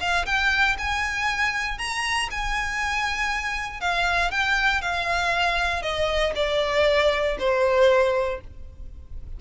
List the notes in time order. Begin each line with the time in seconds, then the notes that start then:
0.00 F5
0.25 G5
0.78 G#5
1.78 A#5
2.31 G#5
3.81 F5
4.31 G5
4.81 F5
5.82 D#5
6.35 D5
7.39 C5